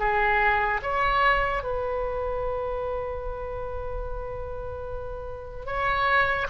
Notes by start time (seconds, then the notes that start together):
0.00 G#4
0.83 C#5
1.64 B4
5.66 C#5